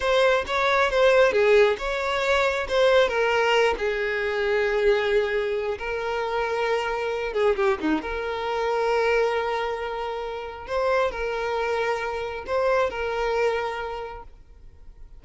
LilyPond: \new Staff \with { instrumentName = "violin" } { \time 4/4 \tempo 4 = 135 c''4 cis''4 c''4 gis'4 | cis''2 c''4 ais'4~ | ais'8 gis'2.~ gis'8~ | gis'4 ais'2.~ |
ais'8 gis'8 g'8 dis'8 ais'2~ | ais'1 | c''4 ais'2. | c''4 ais'2. | }